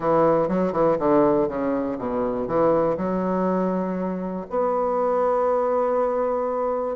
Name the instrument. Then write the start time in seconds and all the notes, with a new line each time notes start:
bassoon
0.00 E3
0.48 F#3
0.72 E3
0.98 D3
1.48 C#3
1.98 B2
2.47 E3
2.97 F#3
4.50 B3